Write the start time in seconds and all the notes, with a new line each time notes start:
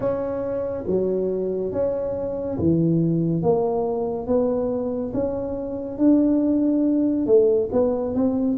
0.00 C#4
0.86 F#3
1.72 C#4
2.58 E3
3.42 A#3
4.26 B3
5.13 C#4
5.98 D4
7.26 A3
7.72 B3
8.14 C4